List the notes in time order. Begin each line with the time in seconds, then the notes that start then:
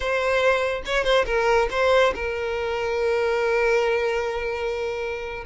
0.00 C5
0.85 C#5
1.04 C5
1.26 A#4
1.71 C5
2.14 A#4